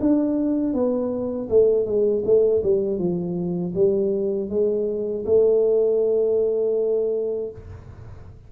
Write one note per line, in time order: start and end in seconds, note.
0.00 0.73 D4
0.73 1.48 B3
1.49 1.85 A3
1.85 2.23 G#3
2.25 2.62 A3
2.63 2.98 G3
2.98 3.73 F3
3.74 4.49 G3
4.49 5.24 G#3
5.25 7.50 A3